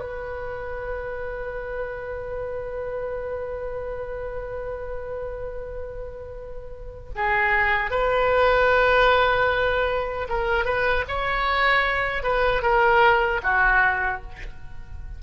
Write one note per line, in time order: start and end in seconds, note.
0.00 7.11 B4
7.16 7.91 G#4
7.91 10.28 B4
10.30 10.65 A#4
10.65 11.05 B4
11.08 12.23 C#5
12.23 12.62 B4
12.62 13.41 A#4
13.43 14.22 F#4